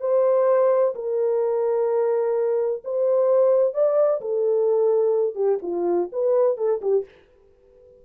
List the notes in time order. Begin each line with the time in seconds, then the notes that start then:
0.00 C5
0.95 A#4
2.84 C5
3.74 D5
4.21 A4
5.35 G4
5.62 F4
6.12 B4
6.57 A4
6.81 G4